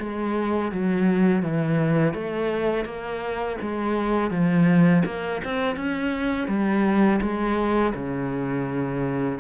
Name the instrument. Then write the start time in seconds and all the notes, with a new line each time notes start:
cello
0.00 G#3
0.72 F#3
1.43 E3
2.14 A3
2.85 A#3
3.61 G#3
4.31 F3
5.05 A#3
5.44 C4
5.76 C#4
6.48 G3
7.22 G#3
7.94 C#3